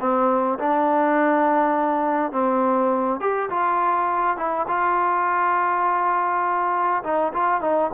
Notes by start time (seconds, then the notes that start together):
0.00 C4
0.59 D4
2.32 C4
3.20 G4
3.50 F4
4.37 E4
4.68 F4
7.03 D#4
7.33 F4
7.61 D#4